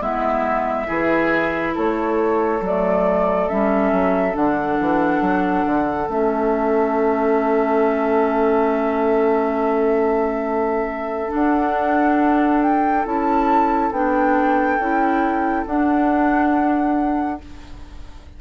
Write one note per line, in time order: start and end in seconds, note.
0.00 0.87 G#3
0.00 0.86 B3
0.00 0.87 E4
0.00 1.75 E5
0.86 1.76 E3
0.86 2.59 E4
0.86 1.74 G#4
1.74 2.61 A3
1.74 17.40 A4
1.74 2.63 C#5
2.61 3.47 F#3
2.61 3.49 A3
2.61 3.48 D5
3.48 3.92 G3
3.48 4.33 C#4
3.48 4.35 E5
3.92 4.35 F#3
4.33 4.78 D3
4.33 6.07 D4
4.33 6.09 F#5
4.79 5.20 E3
5.20 5.64 F#3
5.66 6.08 D3
6.08 11.29 A3
6.08 11.29 C#4
6.08 11.32 E5
11.29 13.03 D4
11.29 13.06 D4
11.29 12.62 F#5
12.62 13.05 G5
13.04 13.91 C#4
13.04 13.91 E4
13.04 13.92 A5
13.91 14.78 B3
13.91 14.80 D4
13.91 15.66 G5
14.78 15.65 C#4
14.78 15.66 E4
15.66 17.40 D4
15.66 17.40 F#5